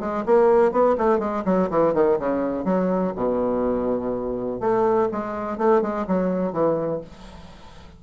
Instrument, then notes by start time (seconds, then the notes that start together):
bassoon
0.00 G#3
0.26 A#3
0.72 B3
0.98 A3
1.19 G#3
1.45 F#3
1.70 E3
1.94 D#3
2.19 C#3
2.65 F#3
3.15 B2
4.60 A3
5.12 G#3
5.58 A3
5.82 G#3
6.07 F#3
6.53 E3